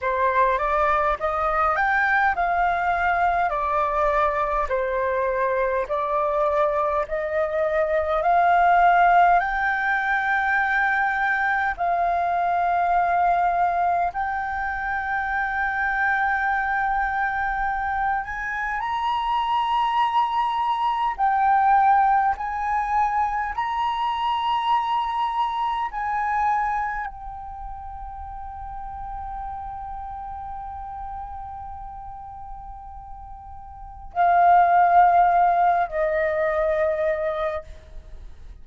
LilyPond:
\new Staff \with { instrumentName = "flute" } { \time 4/4 \tempo 4 = 51 c''8 d''8 dis''8 g''8 f''4 d''4 | c''4 d''4 dis''4 f''4 | g''2 f''2 | g''2.~ g''8 gis''8 |
ais''2 g''4 gis''4 | ais''2 gis''4 g''4~ | g''1~ | g''4 f''4. dis''4. | }